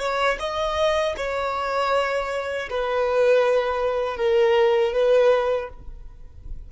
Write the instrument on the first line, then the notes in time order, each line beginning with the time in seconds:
violin
0.00 C#5
0.40 D#5
1.17 C#5
2.70 B4
4.17 A#4
4.93 B4